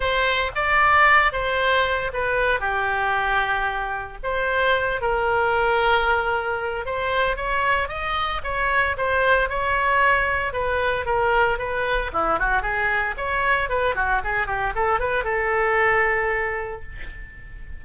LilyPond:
\new Staff \with { instrumentName = "oboe" } { \time 4/4 \tempo 4 = 114 c''4 d''4. c''4. | b'4 g'2. | c''4. ais'2~ ais'8~ | ais'4 c''4 cis''4 dis''4 |
cis''4 c''4 cis''2 | b'4 ais'4 b'4 e'8 fis'8 | gis'4 cis''4 b'8 fis'8 gis'8 g'8 | a'8 b'8 a'2. | }